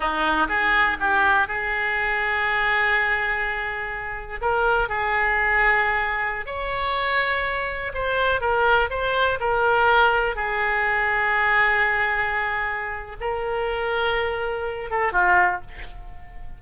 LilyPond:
\new Staff \with { instrumentName = "oboe" } { \time 4/4 \tempo 4 = 123 dis'4 gis'4 g'4 gis'4~ | gis'1~ | gis'4 ais'4 gis'2~ | gis'4~ gis'16 cis''2~ cis''8.~ |
cis''16 c''4 ais'4 c''4 ais'8.~ | ais'4~ ais'16 gis'2~ gis'8.~ | gis'2. ais'4~ | ais'2~ ais'8 a'8 f'4 | }